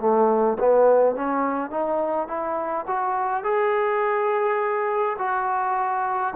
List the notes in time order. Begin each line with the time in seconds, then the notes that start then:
0.00 A3
0.59 B3
1.15 C#4
1.70 D#4
2.28 E4
2.87 F#4
3.44 G#4
5.19 F#4